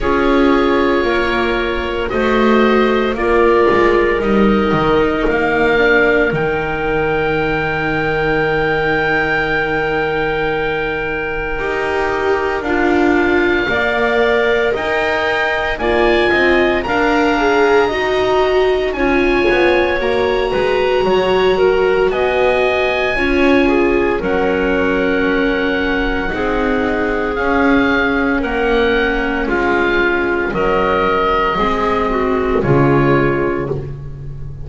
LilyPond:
<<
  \new Staff \with { instrumentName = "oboe" } { \time 4/4 \tempo 4 = 57 cis''2 dis''4 d''4 | dis''4 f''4 g''2~ | g''1 | f''2 g''4 gis''4 |
ais''2 gis''4 ais''4~ | ais''4 gis''2 fis''4~ | fis''2 f''4 fis''4 | f''4 dis''2 cis''4 | }
  \new Staff \with { instrumentName = "clarinet" } { \time 4/4 gis'4 ais'4 c''4 ais'4~ | ais'1~ | ais'1~ | ais'4 d''4 dis''4 d''8 dis''8 |
f''4 dis''4 cis''4. b'8 | cis''8 ais'8 dis''4 cis''8 gis'8 ais'4~ | ais'4 gis'2 ais'4 | f'4 ais'4 gis'8 fis'8 f'4 | }
  \new Staff \with { instrumentName = "viola" } { \time 4/4 f'2 fis'4 f'4 | dis'4. d'8 dis'2~ | dis'2. g'4 | f'4 ais'2 f'4 |
ais'8 gis'8 fis'4 f'4 fis'4~ | fis'2 f'4 cis'4~ | cis'4 dis'4 cis'2~ | cis'2 c'4 gis4 | }
  \new Staff \with { instrumentName = "double bass" } { \time 4/4 cis'4 ais4 a4 ais8 gis8 | g8 dis8 ais4 dis2~ | dis2. dis'4 | d'4 ais4 dis'4 ais8 c'8 |
d'4 dis'4 cis'8 b8 ais8 gis8 | fis4 b4 cis'4 fis4~ | fis4 c'4 cis'4 ais4 | gis4 fis4 gis4 cis4 | }
>>